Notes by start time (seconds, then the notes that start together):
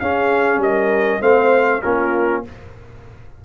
0.00 C#4 G#4 F5
0.58 G3 A#4 D#5
1.21 A3 C4 C5 F5
1.82 A#3 C#4 F4 A#4